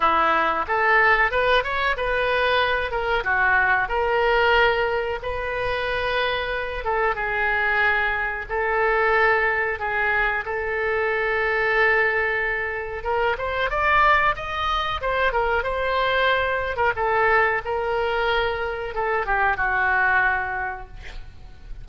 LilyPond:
\new Staff \with { instrumentName = "oboe" } { \time 4/4 \tempo 4 = 92 e'4 a'4 b'8 cis''8 b'4~ | b'8 ais'8 fis'4 ais'2 | b'2~ b'8 a'8 gis'4~ | gis'4 a'2 gis'4 |
a'1 | ais'8 c''8 d''4 dis''4 c''8 ais'8 | c''4.~ c''16 ais'16 a'4 ais'4~ | ais'4 a'8 g'8 fis'2 | }